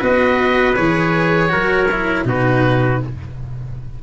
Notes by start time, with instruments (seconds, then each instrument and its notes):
0.00 tuba B3, cello F#4, trumpet B4, oboe D#5
0.75 tuba E3, cello G#4, oboe C#5
1.49 tuba F#3, cello F#4, trumpet A#4
1.91 cello E4
2.24 tuba B2, cello D#4, trumpet F#4, oboe B4